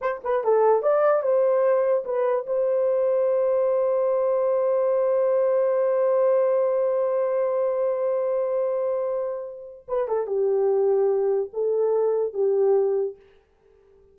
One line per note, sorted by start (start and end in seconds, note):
0.01 0.21 C5
0.24 0.44 B4
0.44 0.82 A4
0.82 1.22 D5
1.22 2.04 C5
2.04 2.45 B4
2.46 9.86 C5
9.87 10.07 B4
10.07 10.26 A4
10.26 11.50 G4
11.53 12.33 A4
12.33 13.16 G4